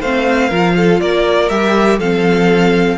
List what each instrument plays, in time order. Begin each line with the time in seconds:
0.00 cello A3, viola C4, violin C5 F5
0.49 cello F3, viola F4, violin A#4
0.76 violin A4
1.00 cello A#3, violin A#4 D5
1.49 cello G3, viola G4, violin E5
1.99 cello F3, viola C4, violin A4 F5